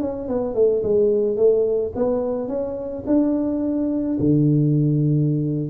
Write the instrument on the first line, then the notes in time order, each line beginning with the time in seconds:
tuba
0.00 C#4
0.28 B3
0.54 A3
0.82 G#3
1.36 A3
1.95 B3
2.48 C#4
3.06 D4
4.19 D3